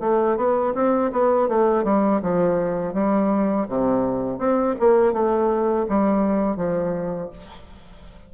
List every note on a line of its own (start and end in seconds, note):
0.00 0.37 A3
0.37 0.74 B3
0.75 1.11 C4
1.12 1.48 B3
1.48 1.84 A3
1.84 2.21 G3
2.22 2.93 F3
2.93 3.67 G3
3.68 4.38 C3
4.38 4.75 C4
4.79 5.13 A#3
5.13 5.86 A3
5.89 6.56 G3
6.56 7.29 F3